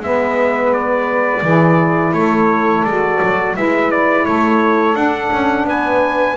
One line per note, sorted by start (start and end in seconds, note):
0.00 1.41 G#3
0.00 1.44 B3
0.00 1.42 B4
0.00 0.73 E5
0.73 2.13 D5
1.42 2.12 E3
1.42 2.86 E4
1.42 2.12 G#4
2.13 2.83 A3
2.13 3.56 A4
2.13 2.84 C#5
2.84 3.19 G#3
2.84 3.54 F#4
2.84 3.55 D5
3.22 3.56 F#3
3.54 4.27 G#3
3.54 4.94 E4
3.54 4.24 B4
3.54 3.91 E5
3.91 4.25 D5
4.24 4.95 A3
4.24 5.65 A4
4.24 4.95 C#5
4.94 6.35 D4
4.94 5.30 D4
4.94 5.66 F#5
5.32 5.64 C#4
5.64 6.35 B3
5.64 6.36 B4
5.64 6.36 G#5